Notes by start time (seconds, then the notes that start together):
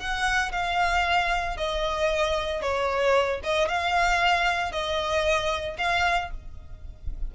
0.00 F#5
0.52 F5
1.57 D#5
2.62 C#5
3.44 D#5
3.69 F5
4.72 D#5
5.78 F5